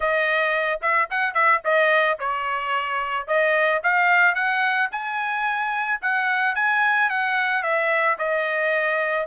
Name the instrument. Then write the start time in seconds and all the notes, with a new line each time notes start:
trumpet
0.00 D#5
0.81 E5
1.10 F#5
1.34 E5
1.64 D#5
2.19 C#5
3.27 D#5
3.83 F5
4.34 F#5
4.91 G#5
6.01 F#5
6.55 G#5
7.09 F#5
7.62 E5
8.18 D#5